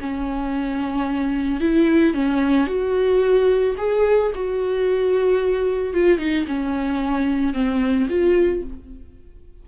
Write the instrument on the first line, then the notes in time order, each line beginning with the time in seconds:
viola
0.00 C#4
1.60 E4
2.14 C#4
2.67 F#4
3.77 G#4
4.35 F#4
5.93 F4
6.18 D#4
6.47 C#4
7.53 C4
8.09 F4